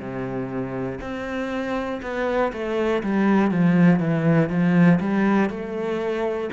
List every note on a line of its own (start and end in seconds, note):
0.00 1.00 C3
1.01 2.01 C4
2.03 2.53 B3
2.53 3.03 A3
3.03 3.52 G3
3.52 4.00 F3
4.00 4.50 E3
4.50 5.00 F3
5.00 5.50 G3
5.50 6.50 A3